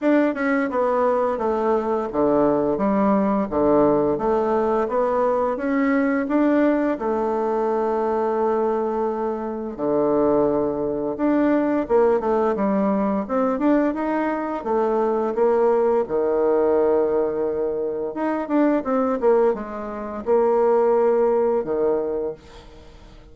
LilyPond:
\new Staff \with { instrumentName = "bassoon" } { \time 4/4 \tempo 4 = 86 d'8 cis'8 b4 a4 d4 | g4 d4 a4 b4 | cis'4 d'4 a2~ | a2 d2 |
d'4 ais8 a8 g4 c'8 d'8 | dis'4 a4 ais4 dis4~ | dis2 dis'8 d'8 c'8 ais8 | gis4 ais2 dis4 | }